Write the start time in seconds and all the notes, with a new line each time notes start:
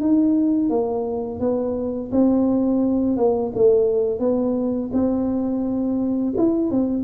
0.00 D#4
0.69 A#3
1.39 B3
2.11 C4
3.17 A#3
3.55 A3
4.19 B3
4.93 C4
6.37 E4
6.71 C4